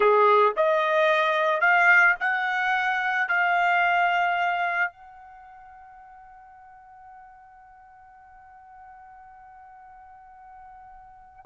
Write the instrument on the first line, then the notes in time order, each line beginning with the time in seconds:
trumpet
0.00 G#4
0.56 D#5
1.60 F5
2.20 F#5
3.28 F5
4.92 F#5